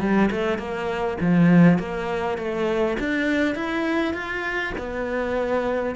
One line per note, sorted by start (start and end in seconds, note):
0.00 0.30 G3
0.31 0.58 A3
0.58 1.17 A#3
1.21 1.78 F3
1.78 2.38 A#3
2.38 2.97 A3
2.99 3.55 D4
3.55 4.14 E4
4.14 4.73 F4
4.78 5.95 B3